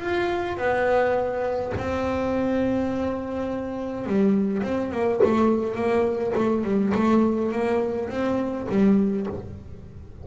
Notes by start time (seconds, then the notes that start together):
0.00 F4
0.57 B3
1.77 C4
4.06 G3
4.63 C4
4.92 A#3
5.24 A3
5.75 A#3
6.35 A3
6.64 G3
6.94 A3
7.52 A#3
8.10 C4
8.69 G3